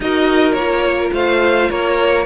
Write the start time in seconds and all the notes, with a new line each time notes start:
0.00 D#4 F#4 A#4 D#5
0.52 A#3 F4 C#5
1.12 A3 C5 F5
1.69 A#3 A#4 C#5